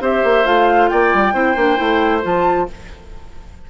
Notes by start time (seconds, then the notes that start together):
0.00 C4 G4 C5 E5
0.23 A#3
0.44 A3 F4 F5
0.89 A#3 D5 G5
1.13 G3
1.33 C4 E4 C5
1.55 A#3 D4
1.76 A3 E4
2.22 F3 F4 A5